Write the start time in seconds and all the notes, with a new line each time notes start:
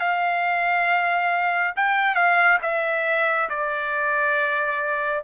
0.00 F5
1.77 G5
2.15 F5
2.62 E5
3.50 D5